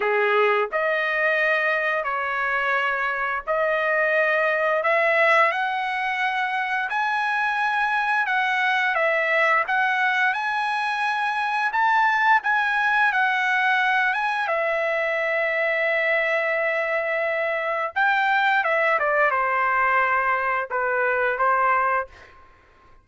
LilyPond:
\new Staff \with { instrumentName = "trumpet" } { \time 4/4 \tempo 4 = 87 gis'4 dis''2 cis''4~ | cis''4 dis''2 e''4 | fis''2 gis''2 | fis''4 e''4 fis''4 gis''4~ |
gis''4 a''4 gis''4 fis''4~ | fis''8 gis''8 e''2.~ | e''2 g''4 e''8 d''8 | c''2 b'4 c''4 | }